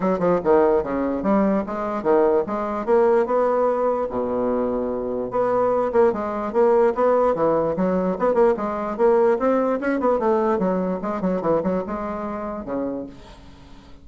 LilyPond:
\new Staff \with { instrumentName = "bassoon" } { \time 4/4 \tempo 4 = 147 fis8 f8 dis4 cis4 g4 | gis4 dis4 gis4 ais4 | b2 b,2~ | b,4 b4. ais8 gis4 |
ais4 b4 e4 fis4 | b8 ais8 gis4 ais4 c'4 | cis'8 b8 a4 fis4 gis8 fis8 | e8 fis8 gis2 cis4 | }